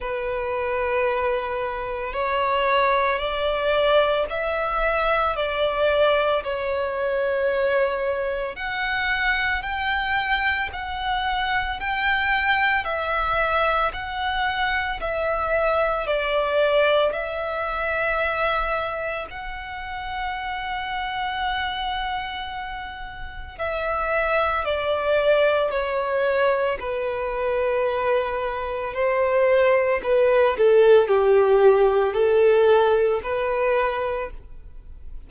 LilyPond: \new Staff \with { instrumentName = "violin" } { \time 4/4 \tempo 4 = 56 b'2 cis''4 d''4 | e''4 d''4 cis''2 | fis''4 g''4 fis''4 g''4 | e''4 fis''4 e''4 d''4 |
e''2 fis''2~ | fis''2 e''4 d''4 | cis''4 b'2 c''4 | b'8 a'8 g'4 a'4 b'4 | }